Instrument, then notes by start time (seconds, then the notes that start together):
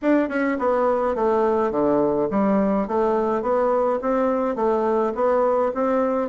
bassoon
0.02 D4
0.29 C#4
0.58 B3
1.15 A3
1.71 D3
2.30 G3
2.87 A3
3.42 B3
4.01 C4
4.55 A3
5.15 B3
5.74 C4